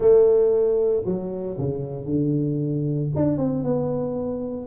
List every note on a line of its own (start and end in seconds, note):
0.00 1.03 A3
1.05 1.56 F#3
1.58 2.05 C#3
2.05 3.09 D3
3.15 3.37 D4
3.37 3.63 C4
3.63 4.66 B3